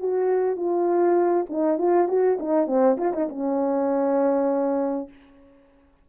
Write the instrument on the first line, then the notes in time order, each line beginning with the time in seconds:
horn
0.00 F#4
0.56 F4
1.50 D#4
1.78 F4
2.08 F#4
2.40 D#4
2.67 C4
2.98 F4
3.13 D#4
3.29 C#4